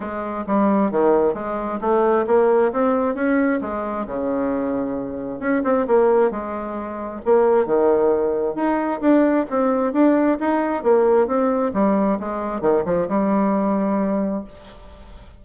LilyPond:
\new Staff \with { instrumentName = "bassoon" } { \time 4/4 \tempo 4 = 133 gis4 g4 dis4 gis4 | a4 ais4 c'4 cis'4 | gis4 cis2. | cis'8 c'8 ais4 gis2 |
ais4 dis2 dis'4 | d'4 c'4 d'4 dis'4 | ais4 c'4 g4 gis4 | dis8 f8 g2. | }